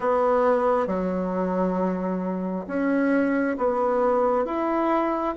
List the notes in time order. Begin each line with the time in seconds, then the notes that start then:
0.00 B3
0.86 F#3
2.67 C#4
3.57 B3
4.45 E4